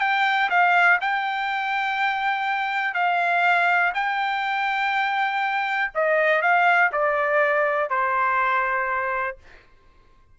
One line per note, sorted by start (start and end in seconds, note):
0.00 0.49 G5
0.49 0.99 F5
1.01 2.94 G5
2.94 3.92 F5
3.94 5.91 G5
5.94 6.42 D#5
6.42 6.91 F5
6.92 7.89 D5
7.89 9.37 C5